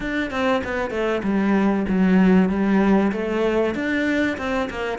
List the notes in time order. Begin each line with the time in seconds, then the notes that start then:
0.00 D4
0.31 C4
0.63 B3
0.90 A3
1.23 G3
1.88 F#3
2.49 G3
3.12 A3
3.74 D4
4.38 C4
4.70 A#3